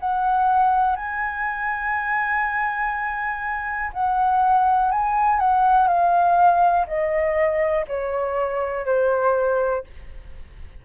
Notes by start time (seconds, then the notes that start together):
0.00 F#5
0.96 G#5
3.93 F#5
4.92 G#5
5.40 F#5
5.88 F5
6.87 D#5
7.88 C#5
8.86 C5